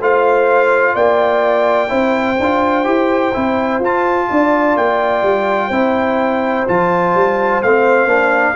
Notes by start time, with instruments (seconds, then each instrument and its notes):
0.00 tuba A3, trombone F4, horn C5, trumpet F5
0.96 tuba A#3, horn D5, trumpet G5
1.89 tuba C4, trombone E4, horn C5
2.40 tuba D4, trombone F4
2.85 tuba E4, trombone G4
3.34 tuba C4, trombone E4
3.80 tuba F4, trombone F4, trumpet A5
4.30 tuba D4, horn D5
4.77 tuba A#3, trumpet G5
5.23 tuba G3
5.68 tuba C4, trombone E4, horn C5
6.68 tuba F3, trombone F4, trumpet A5
7.15 tuba G3
7.63 tuba A3, trombone C4, trumpet F5
8.06 tuba A#3, trombone D4